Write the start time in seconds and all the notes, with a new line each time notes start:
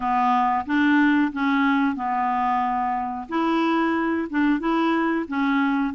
0.00 B3
0.66 D4
1.32 C#4
1.95 B3
3.28 E4
4.29 D4
4.59 E4
5.27 C#4